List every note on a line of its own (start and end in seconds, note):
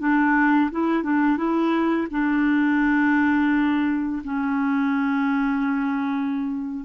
0.00 0.71 D4
0.72 1.03 E4
1.03 1.37 D4
1.37 2.08 E4
2.11 4.23 D4
4.24 6.85 C#4